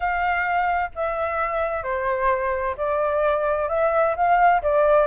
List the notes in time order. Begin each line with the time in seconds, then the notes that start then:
0.00 F5
0.95 E5
1.83 C5
2.77 D5
3.68 E5
4.16 F5
4.62 D5